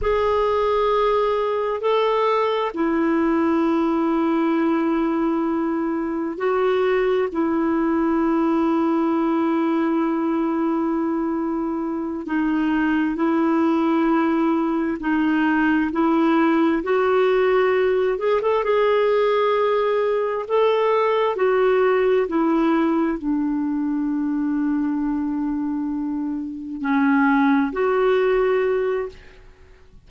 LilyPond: \new Staff \with { instrumentName = "clarinet" } { \time 4/4 \tempo 4 = 66 gis'2 a'4 e'4~ | e'2. fis'4 | e'1~ | e'4. dis'4 e'4.~ |
e'8 dis'4 e'4 fis'4. | gis'16 a'16 gis'2 a'4 fis'8~ | fis'8 e'4 d'2~ d'8~ | d'4. cis'4 fis'4. | }